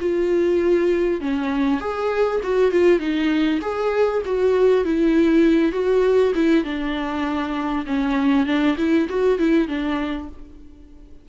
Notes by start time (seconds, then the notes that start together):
0.00 F4
1.20 C#4
1.80 G#4
2.43 F#4
2.71 F4
2.99 D#4
3.61 G#4
4.25 F#4
4.85 E4
5.72 F#4
6.35 E4
6.64 D4
7.86 C#4
8.46 D4
8.77 E4
9.09 F#4
9.38 E4
9.67 D4